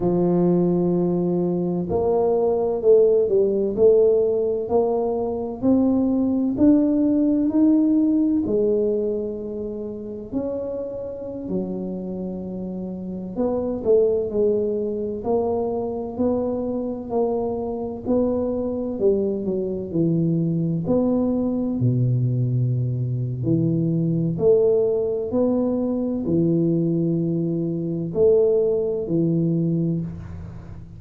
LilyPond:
\new Staff \with { instrumentName = "tuba" } { \time 4/4 \tempo 4 = 64 f2 ais4 a8 g8 | a4 ais4 c'4 d'4 | dis'4 gis2 cis'4~ | cis'16 fis2 b8 a8 gis8.~ |
gis16 ais4 b4 ais4 b8.~ | b16 g8 fis8 e4 b4 b,8.~ | b,4 e4 a4 b4 | e2 a4 e4 | }